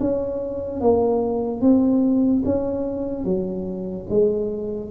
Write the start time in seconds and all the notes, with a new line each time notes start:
0.00 C#4
0.81 A#3
1.61 C4
2.45 C#4
3.25 F#3
4.09 G#3